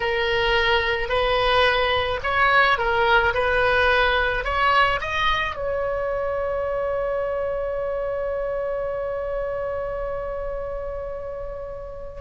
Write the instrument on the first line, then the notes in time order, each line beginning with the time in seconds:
oboe
0.00 A#4
1.09 B4
2.23 C#5
2.78 A#4
3.34 B4
4.44 C#5
5.00 D#5
5.55 C#5